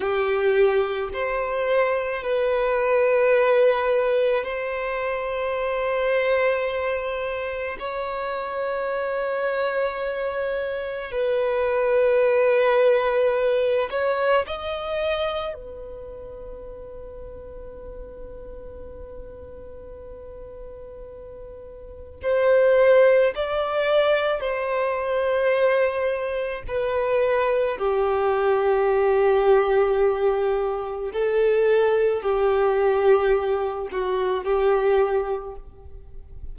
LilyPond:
\new Staff \with { instrumentName = "violin" } { \time 4/4 \tempo 4 = 54 g'4 c''4 b'2 | c''2. cis''4~ | cis''2 b'2~ | b'8 cis''8 dis''4 b'2~ |
b'1 | c''4 d''4 c''2 | b'4 g'2. | a'4 g'4. fis'8 g'4 | }